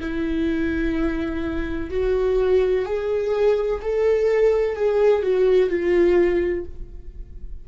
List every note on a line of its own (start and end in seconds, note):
0.00 1.90 E4
1.90 2.85 F#4
2.85 3.81 G#4
3.81 4.75 A4
4.75 5.23 G#4
5.23 5.69 F#4
5.69 6.65 F4